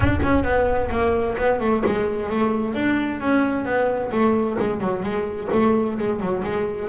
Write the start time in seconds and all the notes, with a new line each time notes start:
0.00 D4
0.22 C#4
0.43 B3
0.90 A#3
1.37 B3
1.60 A3
1.85 G#3
2.29 A3
2.74 D4
3.20 C#4
3.65 B3
4.11 A3
4.59 G#3
4.80 F#3
5.02 G#3
5.52 A3
5.98 G#3
6.20 F#3
6.43 G#3